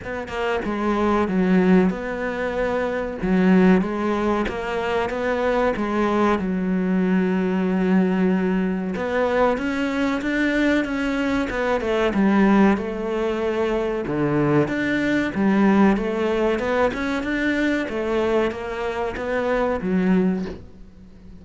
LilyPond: \new Staff \with { instrumentName = "cello" } { \time 4/4 \tempo 4 = 94 b8 ais8 gis4 fis4 b4~ | b4 fis4 gis4 ais4 | b4 gis4 fis2~ | fis2 b4 cis'4 |
d'4 cis'4 b8 a8 g4 | a2 d4 d'4 | g4 a4 b8 cis'8 d'4 | a4 ais4 b4 fis4 | }